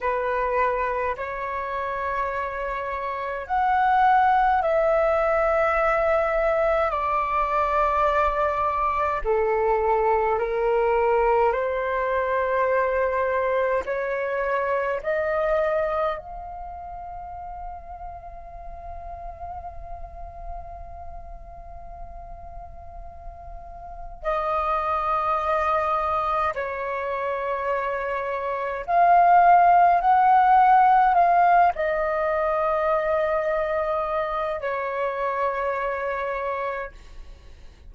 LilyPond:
\new Staff \with { instrumentName = "flute" } { \time 4/4 \tempo 4 = 52 b'4 cis''2 fis''4 | e''2 d''2 | a'4 ais'4 c''2 | cis''4 dis''4 f''2~ |
f''1~ | f''4 dis''2 cis''4~ | cis''4 f''4 fis''4 f''8 dis''8~ | dis''2 cis''2 | }